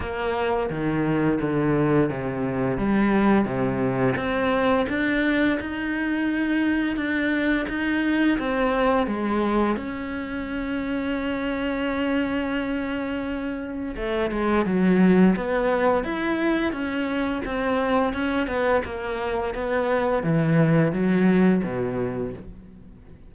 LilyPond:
\new Staff \with { instrumentName = "cello" } { \time 4/4 \tempo 4 = 86 ais4 dis4 d4 c4 | g4 c4 c'4 d'4 | dis'2 d'4 dis'4 | c'4 gis4 cis'2~ |
cis'1 | a8 gis8 fis4 b4 e'4 | cis'4 c'4 cis'8 b8 ais4 | b4 e4 fis4 b,4 | }